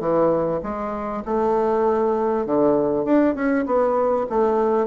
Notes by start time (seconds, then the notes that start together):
0.00 E3
0.63 G#3
1.25 A3
2.46 D3
3.05 D4
3.35 C#4
3.66 B3
4.29 A3